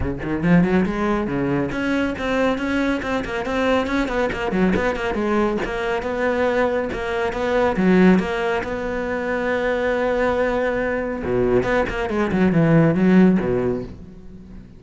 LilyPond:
\new Staff \with { instrumentName = "cello" } { \time 4/4 \tempo 4 = 139 cis8 dis8 f8 fis8 gis4 cis4 | cis'4 c'4 cis'4 c'8 ais8 | c'4 cis'8 b8 ais8 fis8 b8 ais8 | gis4 ais4 b2 |
ais4 b4 fis4 ais4 | b1~ | b2 b,4 b8 ais8 | gis8 fis8 e4 fis4 b,4 | }